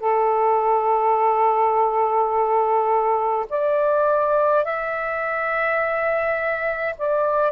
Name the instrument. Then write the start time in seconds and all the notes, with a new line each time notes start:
saxophone
0.00 A4
3.50 D5
4.65 E5
6.98 D5